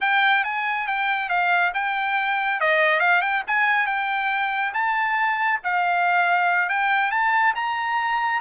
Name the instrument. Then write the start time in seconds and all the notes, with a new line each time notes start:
trumpet
0.01 G5
0.44 G#5
0.87 G5
1.29 F5
1.74 G5
2.60 D#5
3.00 F5
3.21 G5
3.47 G#5
3.86 G5
4.73 A5
5.63 F5
6.69 G5
7.11 A5
7.55 A#5